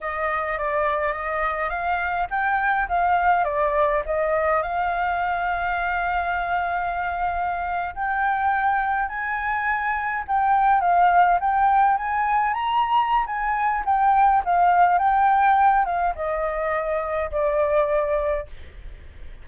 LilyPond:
\new Staff \with { instrumentName = "flute" } { \time 4/4 \tempo 4 = 104 dis''4 d''4 dis''4 f''4 | g''4 f''4 d''4 dis''4 | f''1~ | f''4.~ f''16 g''2 gis''16~ |
gis''4.~ gis''16 g''4 f''4 g''16~ | g''8. gis''4 ais''4~ ais''16 gis''4 | g''4 f''4 g''4. f''8 | dis''2 d''2 | }